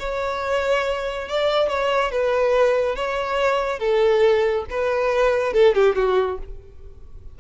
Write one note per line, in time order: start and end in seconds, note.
0.00 1.29 C#5
1.29 1.69 D5
1.69 2.12 C#5
2.12 2.96 B4
2.96 3.80 C#5
3.80 4.65 A4
4.70 5.54 B4
5.54 5.75 A4
5.75 5.96 G4
5.96 6.39 F#4